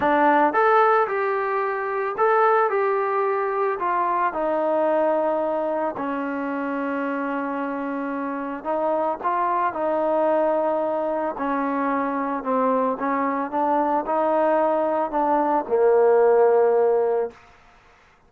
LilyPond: \new Staff \with { instrumentName = "trombone" } { \time 4/4 \tempo 4 = 111 d'4 a'4 g'2 | a'4 g'2 f'4 | dis'2. cis'4~ | cis'1 |
dis'4 f'4 dis'2~ | dis'4 cis'2 c'4 | cis'4 d'4 dis'2 | d'4 ais2. | }